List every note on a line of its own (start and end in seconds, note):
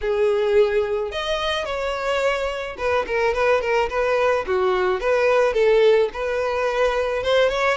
0.01 1.11 G#4
1.11 1.65 D#5
1.65 2.76 C#5
2.77 3.05 B4
3.07 3.33 A#4
3.33 3.61 B4
3.61 3.89 A#4
3.89 4.45 B4
4.46 5.00 F#4
5.00 5.53 B4
5.53 6.09 A4
6.13 7.23 B4
7.23 7.49 C5
7.49 7.77 C#5